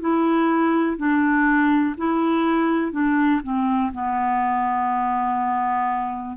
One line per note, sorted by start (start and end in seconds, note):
0.00 0.97 E4
0.97 1.95 D4
1.97 2.92 E4
2.92 3.41 D4
3.43 3.92 C4
3.93 6.37 B3